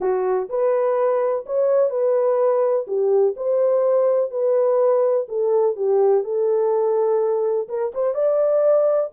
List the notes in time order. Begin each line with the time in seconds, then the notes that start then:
0.00 F#4
0.49 B4
1.46 C#5
1.90 B4
2.87 G4
3.36 C5
4.30 B4
5.28 A4
5.76 G4
6.24 A4
7.68 A#4
7.94 C5
8.14 D5